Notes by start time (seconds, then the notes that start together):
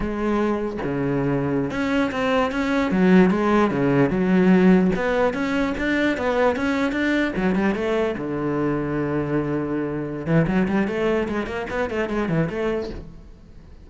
0.00 G#3
0.83 C#3
1.70 C#4
2.11 C4
2.51 C#4
2.91 F#3
3.30 G#3
3.70 C#3
4.10 F#3
4.95 B3
5.33 C#4
5.77 D4
6.17 B3
6.56 C#4
6.92 D4
7.35 F#3
7.55 G3
7.74 A3
8.17 D3
10.26 E3
10.47 F#3
10.68 G3
10.87 A3
11.28 G#3
11.46 A#3
11.69 B3
11.90 A3
12.09 G#3
12.28 E3
12.49 A3